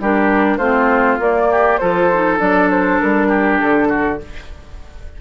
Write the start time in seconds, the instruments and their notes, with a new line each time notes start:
0.00 bassoon G3, clarinet D4, oboe G4, flute A#4
0.58 bassoon A3, clarinet C4, oboe F4, flute C5
1.19 bassoon A#3, clarinet A#3, flute D5
1.52 oboe G4
1.78 bassoon F3, clarinet F4, oboe A4, flute C5
2.14 clarinet D#4
2.39 bassoon F#3, clarinet D4, flute D5
2.71 flute C5
3.00 bassoon G3, flute A#4
3.28 oboe G4
3.61 bassoon D3, flute A4
3.89 oboe F#4